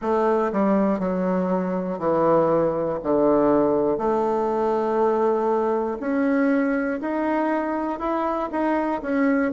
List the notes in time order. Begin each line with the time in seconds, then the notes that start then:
0.01 A3
0.52 G3
0.99 F#3
1.99 E3
3.03 D3
3.98 A3
6.00 C#4
7.00 D#4
7.99 E4
8.51 D#4
9.02 C#4